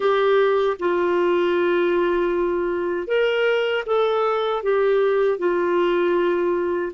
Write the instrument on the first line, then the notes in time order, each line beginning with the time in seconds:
clarinet
0.00 G4
0.79 F4
3.07 A#4
3.86 A4
4.62 G4
5.38 F4